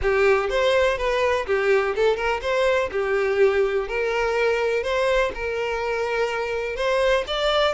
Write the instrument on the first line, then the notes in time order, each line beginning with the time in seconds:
violin
0.02 G4
0.49 C5
0.97 B4
1.46 G4
1.95 A4
2.16 A#4
2.41 C5
2.91 G4
3.88 A#4
4.83 C5
5.34 A#4
6.76 C5
7.27 D5